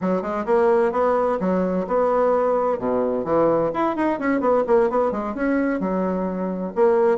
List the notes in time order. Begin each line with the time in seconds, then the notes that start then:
0.01 F#3
0.22 G#3
0.45 A#3
0.92 B3
1.40 F#3
1.87 B3
2.78 B2
3.24 E3
3.73 E4
3.96 D#4
4.19 C#4
4.40 B3
4.66 A#3
4.90 B3
5.11 G#3
5.34 C#4
5.80 F#3
6.75 A#3